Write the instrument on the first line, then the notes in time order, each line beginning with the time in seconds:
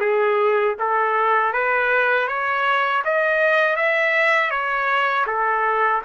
trumpet
0.00 G#4
0.78 A4
1.53 B4
2.27 C#5
3.04 D#5
3.76 E5
4.50 C#5
5.26 A4